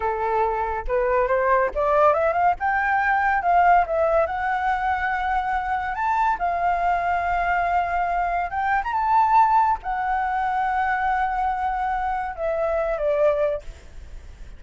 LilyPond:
\new Staff \with { instrumentName = "flute" } { \time 4/4 \tempo 4 = 141 a'2 b'4 c''4 | d''4 e''8 f''8 g''2 | f''4 e''4 fis''2~ | fis''2 a''4 f''4~ |
f''1 | g''8. ais''16 a''2 fis''4~ | fis''1~ | fis''4 e''4. d''4. | }